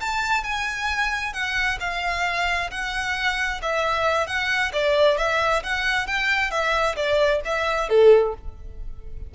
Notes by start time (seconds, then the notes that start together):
0.00 A5
0.43 G#5
1.33 F#5
1.80 F5
2.70 F#5
3.62 E5
4.27 F#5
4.72 D5
5.18 E5
5.63 F#5
6.07 G5
6.50 E5
6.96 D5
7.45 E5
7.89 A4